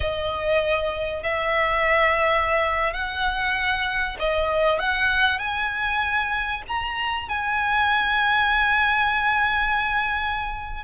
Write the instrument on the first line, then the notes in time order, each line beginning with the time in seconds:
violin
0.00 D#5
1.23 E5
2.93 F#5
4.19 D#5
4.79 F#5
5.38 G#5
6.67 A#5
7.28 G#5